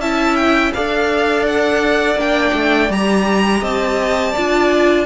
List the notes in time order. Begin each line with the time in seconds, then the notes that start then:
0.00 C#4 E4 E5 A5
0.36 G5
0.73 D4 A4 D5 F5
1.48 F#5
2.15 A#3 D4 G5
2.54 A3
2.90 G3 G4 A#5
3.61 C4 D#5 A5
4.32 D4 F4 D5